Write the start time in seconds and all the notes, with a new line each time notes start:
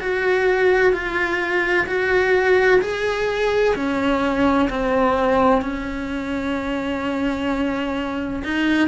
0.00 F#4
0.92 F4
1.87 F#4
2.81 G#4
3.75 C#4
4.70 C4
5.62 C#4
8.44 D#4